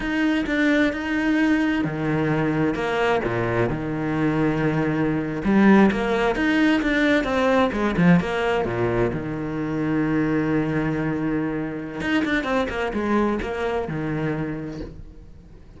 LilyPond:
\new Staff \with { instrumentName = "cello" } { \time 4/4 \tempo 4 = 130 dis'4 d'4 dis'2 | dis2 ais4 ais,4 | dis2.~ dis8. g16~ | g8. ais4 dis'4 d'4 c'16~ |
c'8. gis8 f8 ais4 ais,4 dis16~ | dis1~ | dis2 dis'8 d'8 c'8 ais8 | gis4 ais4 dis2 | }